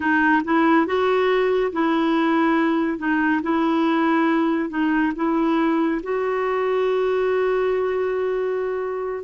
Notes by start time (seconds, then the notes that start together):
0.00 D#4
0.44 E4
0.86 F#4
1.72 E4
2.98 D#4
3.42 E4
4.69 D#4
5.15 E4
6.02 F#4